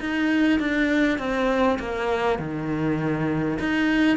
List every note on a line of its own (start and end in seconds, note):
0.00 0.59 D#4
0.59 1.18 D4
1.18 1.78 C4
1.79 2.39 A#3
2.39 3.59 D#3
3.59 4.17 D#4